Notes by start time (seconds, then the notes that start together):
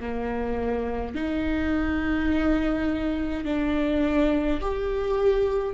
0.00 A#3
1.15 D#4
3.45 D4
4.61 G4